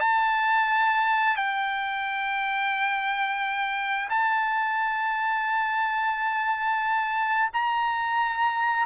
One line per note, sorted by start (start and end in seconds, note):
0.00 1.36 A5
1.36 4.09 G5
4.09 7.50 A5
7.53 8.86 A#5